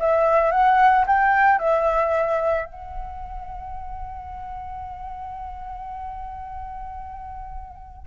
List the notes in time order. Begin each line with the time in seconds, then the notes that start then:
0.00 E5
0.52 F#5
1.07 G5
1.59 E5
2.66 F#5